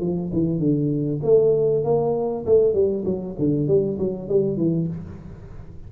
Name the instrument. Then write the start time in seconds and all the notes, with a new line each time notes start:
tuba
0.00 F3
0.33 E3
0.59 D3
1.23 A3
1.84 A#3
2.45 A3
2.73 G3
3.05 F#3
3.38 D3
3.67 G3
3.99 F#3
4.29 G3
4.57 E3